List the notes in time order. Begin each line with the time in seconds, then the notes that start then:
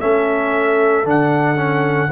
0.00 A3 C#4 A4 E5
1.04 D3 D4 F#5
1.56 C#4